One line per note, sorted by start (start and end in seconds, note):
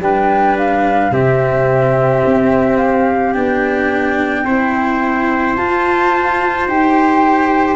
0.00 1.11 G3
0.00 1.12 D4
0.00 1.13 B4
0.00 0.58 G5
0.58 1.14 F5
1.12 2.23 C3
1.12 3.34 C4
1.12 4.46 G4
1.12 2.78 E5
2.26 3.36 C4
2.78 3.34 F5
3.34 4.45 B3
3.34 4.46 D4
3.34 5.56 G5
4.45 5.56 C4
4.45 5.58 E4
4.45 7.76 C5
5.56 6.68 F4
5.56 6.69 F4
5.56 6.67 A5
6.68 7.76 D#4
6.68 7.76 G4
6.68 7.76 G5